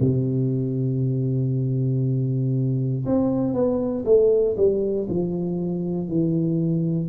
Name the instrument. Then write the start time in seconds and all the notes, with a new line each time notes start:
tuba
0.00 C3
3.06 C4
3.54 B3
4.05 A3
4.57 G3
5.09 F3
6.08 E3